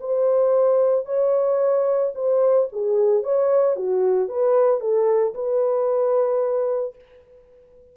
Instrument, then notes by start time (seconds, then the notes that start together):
horn
0.00 C5
1.06 C#5
2.15 C5
2.72 G#4
3.23 C#5
3.76 F#4
4.29 B4
4.80 A4
5.34 B4